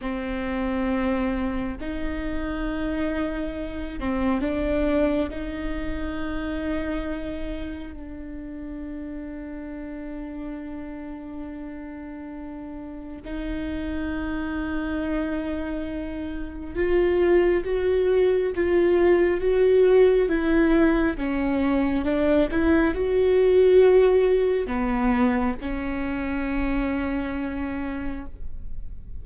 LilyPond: \new Staff \with { instrumentName = "viola" } { \time 4/4 \tempo 4 = 68 c'2 dis'2~ | dis'8 c'8 d'4 dis'2~ | dis'4 d'2.~ | d'2. dis'4~ |
dis'2. f'4 | fis'4 f'4 fis'4 e'4 | cis'4 d'8 e'8 fis'2 | b4 cis'2. | }